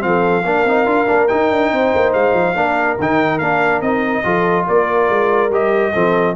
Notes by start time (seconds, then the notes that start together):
0.00 F3 C4 F5
0.07 A4
0.45 A#3 D4 A#4
0.65 C4 D#4
0.86 D4 F4
1.07 A#3 D4
1.28 D#4 G5
1.51 D4
1.72 C4 C5
1.95 A#3
2.13 G#3 F5
2.33 F3
2.55 A#3 D4 A#4
2.99 D#3 D#4 G5
3.39 A#3 D4 F5
3.81 C4 D#4 D#5
4.24 F3 F4 A4
4.67 A#3 A#4 D5
5.10 G#3
5.50 G3 G4 D#5
5.94 F3 C4 A4